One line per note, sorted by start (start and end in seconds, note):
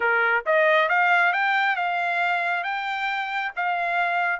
0.00 0.44 A#4
0.46 0.88 D#5
0.88 1.32 F5
1.33 1.75 G5
1.75 2.63 F5
2.63 3.52 G5
3.56 4.40 F5